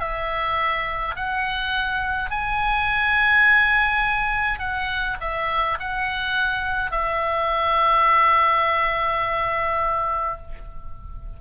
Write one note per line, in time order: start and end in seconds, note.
0.00 1.15 E5
1.16 2.31 F#5
2.31 4.59 G#5
4.59 5.17 F#5
5.21 5.78 E5
5.80 6.91 F#5
6.91 10.37 E5